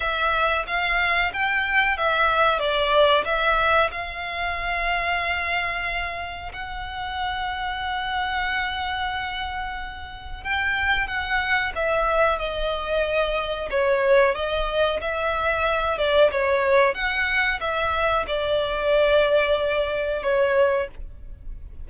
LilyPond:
\new Staff \with { instrumentName = "violin" } { \time 4/4 \tempo 4 = 92 e''4 f''4 g''4 e''4 | d''4 e''4 f''2~ | f''2 fis''2~ | fis''1 |
g''4 fis''4 e''4 dis''4~ | dis''4 cis''4 dis''4 e''4~ | e''8 d''8 cis''4 fis''4 e''4 | d''2. cis''4 | }